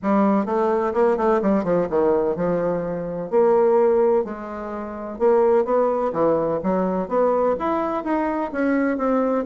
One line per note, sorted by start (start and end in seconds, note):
0.02 0.45 G3
0.45 0.93 A3
0.93 1.17 A#3
1.17 1.40 A3
1.42 1.64 G3
1.64 1.87 F3
1.89 2.36 D#3
2.36 3.30 F3
3.30 4.24 A#3
4.24 5.18 G#3
5.18 5.64 A#3
5.64 6.12 B3
6.12 6.59 E3
6.63 7.08 F#3
7.08 7.55 B3
7.59 8.04 E4
8.04 8.51 D#4
8.52 8.97 C#4
8.97 9.44 C4